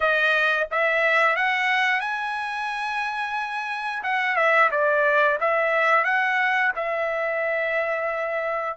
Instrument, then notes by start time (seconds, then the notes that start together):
trumpet
0.00 D#5
0.71 E5
1.36 F#5
2.00 G#5
4.03 F#5
4.36 E5
4.71 D5
5.40 E5
6.04 F#5
6.75 E5